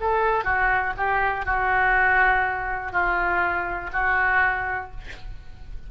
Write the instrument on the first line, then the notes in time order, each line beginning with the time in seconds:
oboe
0.00 A4
0.44 F#4
0.97 G4
1.45 F#4
2.92 F4
3.93 F#4